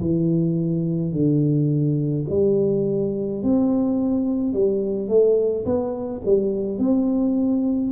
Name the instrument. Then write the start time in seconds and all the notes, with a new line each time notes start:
tuba
0.00 E3
1.12 D3
2.30 G3
3.43 C4
4.53 G3
5.08 A3
5.65 B3
6.25 G3
6.78 C4